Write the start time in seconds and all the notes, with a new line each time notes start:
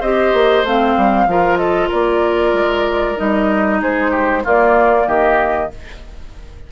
0.00 C4 G4 C5 D#5
0.33 A#3
0.63 A3 C4 F5
0.96 G3
1.26 F3 F4 A#4
1.57 A4 D#5
1.88 A#3 A#4 D5
2.53 G#3
3.16 G3 D#4 D#5
3.81 G#3 G#4 C5
4.11 G4
4.44 A#3 F4 D5
5.06 D#3 G4 D#5